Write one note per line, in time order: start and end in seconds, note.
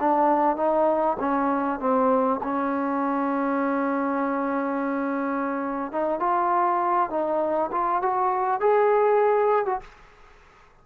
0.00 0.56 D4
0.56 1.17 D#4
1.20 1.80 C#4
1.80 2.40 C4
2.43 5.92 C#4
5.92 6.20 D#4
6.20 7.10 F4
7.10 7.71 D#4
7.72 8.02 F4
8.02 8.60 F#4
8.60 9.66 G#4
9.66 9.81 F#4